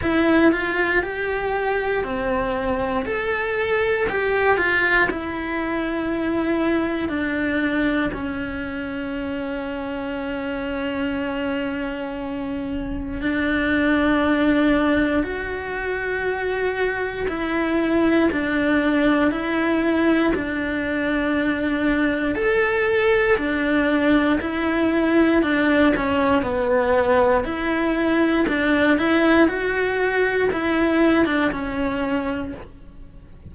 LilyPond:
\new Staff \with { instrumentName = "cello" } { \time 4/4 \tempo 4 = 59 e'8 f'8 g'4 c'4 a'4 | g'8 f'8 e'2 d'4 | cis'1~ | cis'4 d'2 fis'4~ |
fis'4 e'4 d'4 e'4 | d'2 a'4 d'4 | e'4 d'8 cis'8 b4 e'4 | d'8 e'8 fis'4 e'8. d'16 cis'4 | }